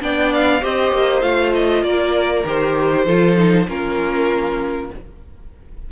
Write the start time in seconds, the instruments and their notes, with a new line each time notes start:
0.00 cello B3, viola D4, violin D5 G5
0.34 violin F5
0.61 cello C4, viola G4, violin C5 D#5
0.92 cello A#3
1.21 cello A3, viola F4, violin F5
1.54 violin D#5
1.83 cello A#3, violin A#4 D5
2.45 cello D#3, viola G4, violin C5
3.05 cello F3, viola F4, violin A4
3.36 viola D#4
3.67 cello A#3, viola C#4, violin F4 A#4